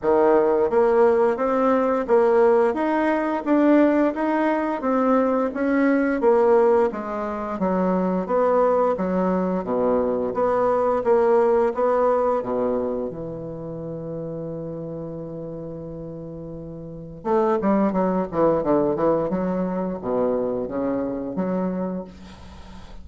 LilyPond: \new Staff \with { instrumentName = "bassoon" } { \time 4/4 \tempo 4 = 87 dis4 ais4 c'4 ais4 | dis'4 d'4 dis'4 c'4 | cis'4 ais4 gis4 fis4 | b4 fis4 b,4 b4 |
ais4 b4 b,4 e4~ | e1~ | e4 a8 g8 fis8 e8 d8 e8 | fis4 b,4 cis4 fis4 | }